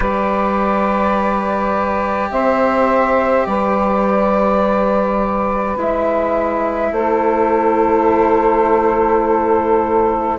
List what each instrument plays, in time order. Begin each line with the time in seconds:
0.00 bassoon G3, cello G4, saxophone B4, flute D5
2.30 bassoon C4, saxophone C5, flute E5
3.45 bassoon G3, saxophone B4, flute D5
5.76 bassoon G#3, cello E4, flute E5
6.91 bassoon A3, saxophone A4, flute C5